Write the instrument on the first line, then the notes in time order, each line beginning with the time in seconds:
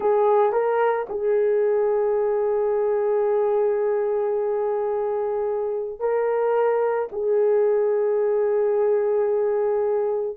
horn
0.00 G#4
0.52 A#4
1.09 G#4
5.99 A#4
7.12 G#4